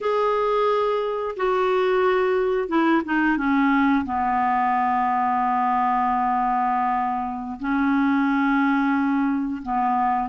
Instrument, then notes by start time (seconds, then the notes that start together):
clarinet
0.00 G#4
1.36 F#4
2.68 E4
3.04 D#4
3.37 C#4
4.05 B3
7.59 C#4
9.62 B3